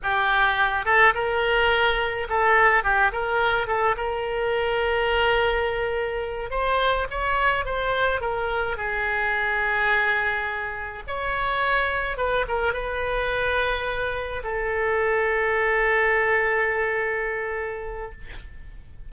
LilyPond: \new Staff \with { instrumentName = "oboe" } { \time 4/4 \tempo 4 = 106 g'4. a'8 ais'2 | a'4 g'8 ais'4 a'8 ais'4~ | ais'2.~ ais'8 c''8~ | c''8 cis''4 c''4 ais'4 gis'8~ |
gis'2.~ gis'8 cis''8~ | cis''4. b'8 ais'8 b'4.~ | b'4. a'2~ a'8~ | a'1 | }